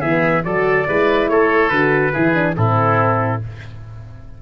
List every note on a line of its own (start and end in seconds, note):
0.00 0.45 E3
0.00 0.45 B3
0.00 0.43 G#4
0.00 0.44 E5
0.45 0.87 F#3
0.45 0.87 F#4
0.45 0.88 A4
0.45 1.29 D5
0.87 1.29 G#3
0.87 1.72 E4
0.87 1.31 B4
1.29 1.71 A3
1.29 2.13 A4
1.29 1.69 C#5
1.69 2.13 D3
1.69 2.14 F#4
1.69 2.54 B4
2.13 2.57 E3
2.13 2.35 E4
2.13 2.56 G#4
2.35 2.56 D4
2.57 3.42 A2
2.57 3.42 C4
2.57 3.42 E4
2.57 3.42 A4